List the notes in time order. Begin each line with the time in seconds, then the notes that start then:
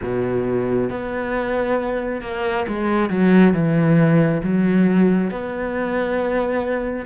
0.02 B2
0.90 B3
2.21 A#3
2.67 G#3
3.09 F#3
3.53 E3
4.43 F#3
5.30 B3